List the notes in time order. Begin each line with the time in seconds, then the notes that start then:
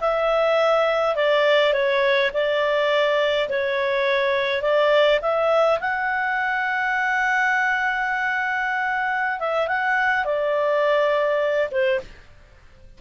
0.00 E5
1.15 D5
1.73 C#5
2.33 D5
3.49 C#5
4.62 D5
5.21 E5
5.80 F#5
9.39 E5
9.67 F#5
10.25 D5
11.71 C5